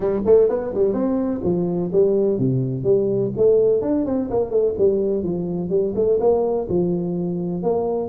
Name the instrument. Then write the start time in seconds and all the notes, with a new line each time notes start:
tuba
0.00 G3
0.25 A3
0.49 B3
0.74 G3
0.93 C4
1.43 F3
1.92 G3
2.38 C3
2.83 G3
3.36 A3
3.81 D4
4.05 C4
4.30 A#3
4.50 A3
4.78 G3
5.23 F3
5.69 G3
5.95 A3
6.19 A#3
6.69 F3
7.63 A#3